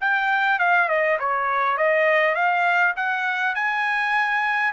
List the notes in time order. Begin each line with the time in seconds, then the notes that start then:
0.00 G5
0.59 F5
0.88 D#5
1.19 C#5
1.77 D#5
2.34 F5
2.96 F#5
3.55 G#5